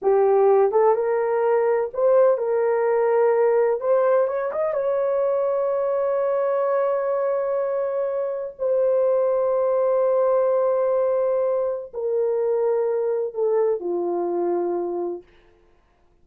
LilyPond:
\new Staff \with { instrumentName = "horn" } { \time 4/4 \tempo 4 = 126 g'4. a'8 ais'2 | c''4 ais'2. | c''4 cis''8 dis''8 cis''2~ | cis''1~ |
cis''2 c''2~ | c''1~ | c''4 ais'2. | a'4 f'2. | }